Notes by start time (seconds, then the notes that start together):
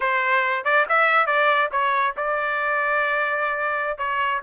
0.00 C5
0.64 D5
0.88 E5
1.26 D5
1.71 C#5
2.17 D5
3.98 C#5